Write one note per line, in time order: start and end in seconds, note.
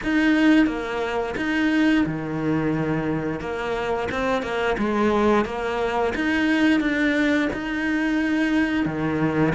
0.03 0.66 D#4
0.66 1.35 A#3
1.36 2.05 D#4
2.06 3.40 D#3
3.40 4.08 A#3
4.11 4.42 C4
4.42 4.76 A#3
4.78 5.45 G#3
5.45 6.13 A#3
6.15 6.80 D#4
6.80 7.48 D4
7.53 8.85 D#4
8.85 9.53 D#3